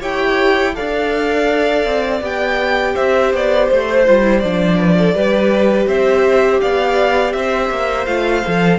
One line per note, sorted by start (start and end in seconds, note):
0.00 0.76 E4
0.00 0.73 G4
0.00 0.74 C#5
0.00 0.75 G5
0.75 1.85 D4
0.75 2.21 A4
0.75 2.95 D5
0.75 2.22 F5
1.85 2.21 C4
2.21 2.94 B3
2.21 4.04 G4
2.21 2.96 G5
2.95 3.33 C4
2.95 4.77 C5
2.95 3.32 E5
3.33 3.70 B3
3.33 3.68 D5
3.68 4.08 A3
3.68 4.40 C5
4.05 4.43 G3
4.05 4.22 F4
4.22 4.41 E4
4.40 5.15 F3
4.40 5.15 D4
4.40 5.86 D5
4.77 4.96 B4
4.98 5.15 A4
5.15 5.87 G3
5.15 8.07 G4
5.15 5.87 B4
5.87 6.60 C4
5.87 6.61 C5
5.87 6.61 E5
6.61 7.34 B3
6.61 7.34 D5
6.61 7.33 F5
7.33 7.70 C4
7.33 8.79 C5
7.33 8.06 E5
7.70 8.07 A#3
8.06 8.43 A3
8.06 8.44 F4
8.06 8.79 F5
8.45 8.79 F3
8.45 8.79 A4